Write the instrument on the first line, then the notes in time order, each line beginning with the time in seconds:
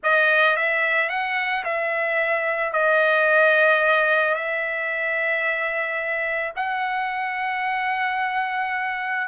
trumpet
0.03 D#5
0.56 E5
1.09 F#5
1.64 E5
2.72 D#5
4.34 E5
6.56 F#5